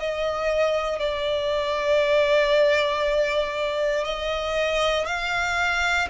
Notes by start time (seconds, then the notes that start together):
0.00 D#5
0.99 D5
4.05 D#5
5.07 F5